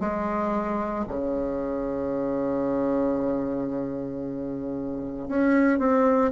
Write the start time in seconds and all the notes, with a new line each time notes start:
0.00 G#3
1.08 C#3
5.29 C#4
5.79 C4